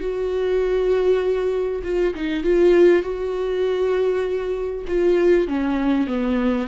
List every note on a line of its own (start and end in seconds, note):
0.00 1.82 F#4
1.83 2.14 F4
2.14 2.44 D#4
2.44 3.03 F4
3.03 4.85 F#4
4.87 5.47 F4
5.47 6.07 C#4
6.07 6.67 B3